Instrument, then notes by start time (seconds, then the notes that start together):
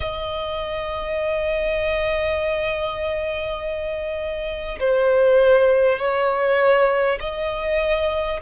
violin
0.00 D#5
4.79 C5
5.98 C#5
7.20 D#5